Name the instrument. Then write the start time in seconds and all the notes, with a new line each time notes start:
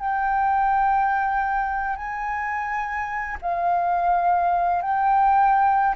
flute
0.00 G5
1.96 G#5
3.42 F5
4.82 G5